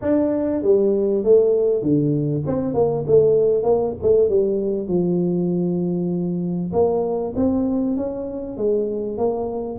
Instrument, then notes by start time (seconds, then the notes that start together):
tuba
0.01 D4
0.63 G3
1.24 A3
1.82 D3
2.46 C4
2.74 A#3
3.07 A3
3.63 A#3
4.02 A3
4.29 G3
4.87 F3
6.73 A#3
7.36 C4
7.96 C#4
8.57 G#3
9.17 A#3